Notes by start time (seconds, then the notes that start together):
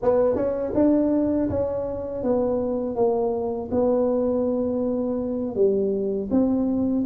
0.02 B3
0.35 C#4
0.74 D4
1.49 C#4
2.23 B3
2.95 A#3
3.71 B3
5.55 G3
6.30 C4